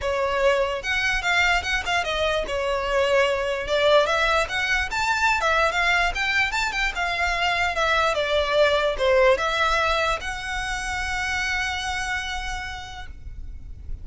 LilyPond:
\new Staff \with { instrumentName = "violin" } { \time 4/4 \tempo 4 = 147 cis''2 fis''4 f''4 | fis''8 f''8 dis''4 cis''2~ | cis''4 d''4 e''4 fis''4 | a''4~ a''16 e''8. f''4 g''4 |
a''8 g''8 f''2 e''4 | d''2 c''4 e''4~ | e''4 fis''2.~ | fis''1 | }